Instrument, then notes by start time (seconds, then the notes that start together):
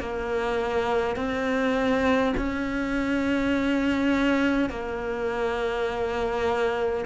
cello
0.00 A#3
1.16 C4
2.37 C#4
4.70 A#3